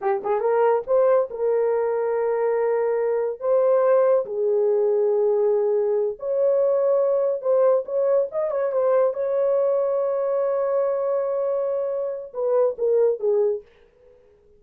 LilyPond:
\new Staff \with { instrumentName = "horn" } { \time 4/4 \tempo 4 = 141 g'8 gis'8 ais'4 c''4 ais'4~ | ais'1 | c''2 gis'2~ | gis'2~ gis'8 cis''4.~ |
cis''4. c''4 cis''4 dis''8 | cis''8 c''4 cis''2~ cis''8~ | cis''1~ | cis''4 b'4 ais'4 gis'4 | }